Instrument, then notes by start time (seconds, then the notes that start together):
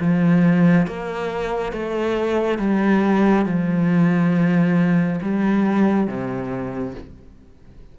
cello
0.00 F3
0.87 A#3
1.73 A3
2.59 G3
3.46 F3
5.22 G3
6.08 C3